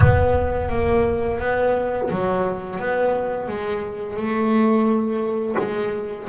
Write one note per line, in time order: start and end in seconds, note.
0.00 0.69 B3
0.69 1.39 A#3
1.39 2.09 B3
2.10 2.79 F#3
2.79 3.48 B3
3.48 4.16 G#3
4.16 5.55 A3
5.58 6.28 G#3